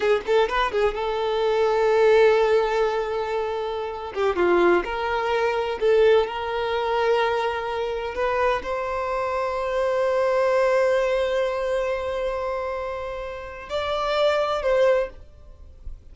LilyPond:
\new Staff \with { instrumentName = "violin" } { \time 4/4 \tempo 4 = 127 gis'8 a'8 b'8 gis'8 a'2~ | a'1~ | a'8. g'8 f'4 ais'4.~ ais'16~ | ais'16 a'4 ais'2~ ais'8.~ |
ais'4~ ais'16 b'4 c''4.~ c''16~ | c''1~ | c''1~ | c''4 d''2 c''4 | }